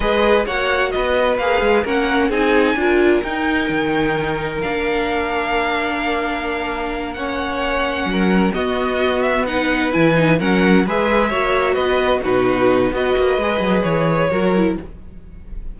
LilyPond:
<<
  \new Staff \with { instrumentName = "violin" } { \time 4/4 \tempo 4 = 130 dis''4 fis''4 dis''4 f''4 | fis''4 gis''2 g''4~ | g''2 f''2~ | f''2.~ f''8 fis''8~ |
fis''2~ fis''8 dis''4. | e''8 fis''4 gis''4 fis''4 e''8~ | e''4. dis''4 b'4. | dis''2 cis''2 | }
  \new Staff \with { instrumentName = "violin" } { \time 4/4 b'4 cis''4 b'2 | ais'4 gis'4 ais'2~ | ais'1~ | ais'2.~ ais'8 cis''8~ |
cis''4. ais'4 fis'4.~ | fis'8 b'2 ais'4 b'8~ | b'8 cis''4 b'4 fis'4. | b'2. ais'4 | }
  \new Staff \with { instrumentName = "viola" } { \time 4/4 gis'4 fis'2 gis'4 | cis'4 dis'4 f'4 dis'4~ | dis'2 d'2~ | d'2.~ d'8 cis'8~ |
cis'2~ cis'8 b4.~ | b8 dis'4 e'8 dis'8 cis'4 gis'8~ | gis'8 fis'2 dis'4. | fis'4 gis'2 fis'8 e'8 | }
  \new Staff \with { instrumentName = "cello" } { \time 4/4 gis4 ais4 b4 ais8 gis8 | ais4 c'4 d'4 dis'4 | dis2 ais2~ | ais1~ |
ais4. fis4 b4.~ | b4. e4 fis4 gis8~ | gis8 ais4 b4 b,4. | b8 ais8 gis8 fis8 e4 fis4 | }
>>